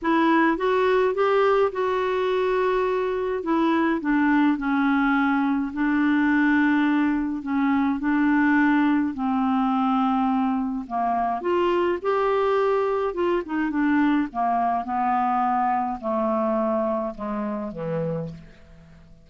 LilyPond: \new Staff \with { instrumentName = "clarinet" } { \time 4/4 \tempo 4 = 105 e'4 fis'4 g'4 fis'4~ | fis'2 e'4 d'4 | cis'2 d'2~ | d'4 cis'4 d'2 |
c'2. ais4 | f'4 g'2 f'8 dis'8 | d'4 ais4 b2 | a2 gis4 e4 | }